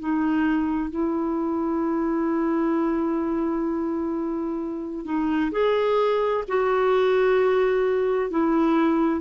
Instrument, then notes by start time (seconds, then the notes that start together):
clarinet
0.00 D#4
0.91 E4
5.05 D#4
5.52 G#4
6.49 F#4
8.31 E4